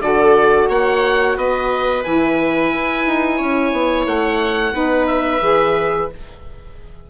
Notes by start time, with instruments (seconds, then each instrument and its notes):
0.00 bassoon D3, saxophone F#4, viola A4, oboe D5
0.69 bassoon A#3, viola C#5, oboe F#5
1.37 bassoon B3, viola B4, oboe D#5
2.04 bassoon E3, saxophone E4, oboe G#5
2.71 bassoon E4
3.06 bassoon D#4
3.37 bassoon C#4, viola C#5
3.72 bassoon B3
4.06 bassoon A3, oboe F#5
4.73 bassoon B3, saxophone D#4, viola B4
5.07 oboe E5
5.41 bassoon E3, saxophone G#4